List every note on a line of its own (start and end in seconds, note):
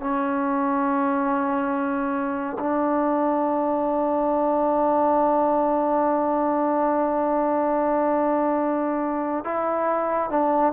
0.00 2.57 C#4
2.59 9.44 D4
9.44 10.30 E4
10.30 10.73 D4